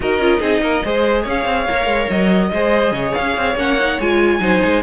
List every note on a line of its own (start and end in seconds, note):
0.00 0.19 D#4
0.00 0.20 F#4
0.00 0.40 A#4
0.00 1.26 D#5
0.19 0.40 C#4
0.19 0.39 F4
0.39 0.61 C4
0.39 0.81 D#4
0.39 0.61 G#4
0.61 0.82 A#3
0.61 0.84 A#4
0.84 1.25 G#3
0.84 1.68 G#4
0.84 1.23 C5
1.23 1.45 C#4
1.23 2.48 C#5
1.23 2.10 F5
1.45 1.66 C4
1.68 1.85 A#3
1.68 2.52 A#4
1.85 2.06 G#3
2.10 2.52 F#3
2.10 3.14 D#5
2.52 2.91 G#3
2.52 3.57 G#4
2.52 2.93 C5
2.91 3.12 C#3
2.91 4.40 C#5
3.14 3.36 C#4
3.14 3.56 F5
3.36 3.55 C4
3.55 3.97 A#3
3.55 3.78 C#4
3.55 4.00 F#5
3.79 4.00 D#4
3.99 4.39 G#3
3.99 4.40 F4
3.99 4.82 G#5
4.39 4.60 F#3
4.39 4.82 D#4
4.39 4.82 C5
4.64 4.82 G#3